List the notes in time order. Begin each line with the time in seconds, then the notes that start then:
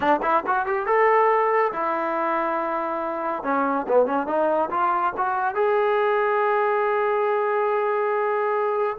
0.00 D4
0.22 E4
0.46 F#4
0.65 G4
0.86 A4
1.72 E4
3.43 C#4
3.87 B3
4.06 C#4
4.26 D#4
4.70 F4
5.17 F#4
5.54 G#4